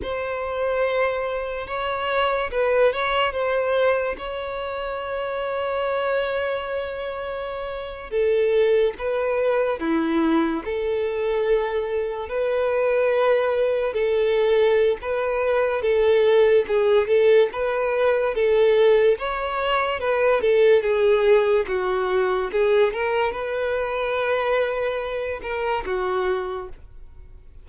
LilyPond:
\new Staff \with { instrumentName = "violin" } { \time 4/4 \tempo 4 = 72 c''2 cis''4 b'8 cis''8 | c''4 cis''2.~ | cis''4.~ cis''16 a'4 b'4 e'16~ | e'8. a'2 b'4~ b'16~ |
b'8. a'4~ a'16 b'4 a'4 | gis'8 a'8 b'4 a'4 cis''4 | b'8 a'8 gis'4 fis'4 gis'8 ais'8 | b'2~ b'8 ais'8 fis'4 | }